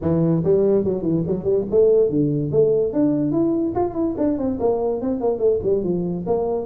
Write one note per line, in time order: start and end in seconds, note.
0.01 0.43 E3
0.43 0.84 G3
0.84 1.02 F#3
1.02 1.23 E3
1.26 1.43 F#3
1.43 1.64 G3
1.70 2.09 A3
2.09 2.51 D3
2.51 2.93 A3
2.93 3.31 D4
3.31 3.73 E4
3.75 3.94 F4
3.94 4.14 E4
4.17 4.37 D4
4.37 4.58 C4
4.59 5.01 A#3
5.01 5.20 C4
5.20 5.38 A#3
5.38 5.59 A3
5.62 5.83 G3
5.83 6.25 F3
6.26 6.66 A#3